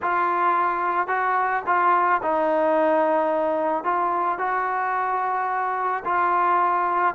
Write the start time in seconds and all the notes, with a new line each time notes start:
0.02 F4
1.07 F#4
1.66 F4
2.22 D#4
3.84 F4
4.38 F#4
6.04 F4